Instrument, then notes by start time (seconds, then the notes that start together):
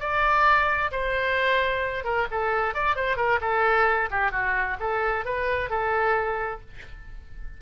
oboe
0.00 D5
0.92 C5
2.05 A#4
2.31 A4
2.74 D5
2.96 C5
3.17 A#4
3.41 A4
4.11 G4
4.32 F#4
4.80 A4
5.25 B4
5.70 A4